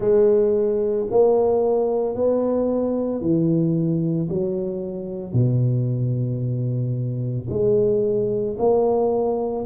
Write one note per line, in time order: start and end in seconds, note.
0.00 1.07 G#3
1.10 2.15 A#3
2.15 3.21 B3
3.21 4.28 E3
4.29 5.33 F#3
5.33 7.47 B2
7.49 8.56 G#3
8.58 9.65 A#3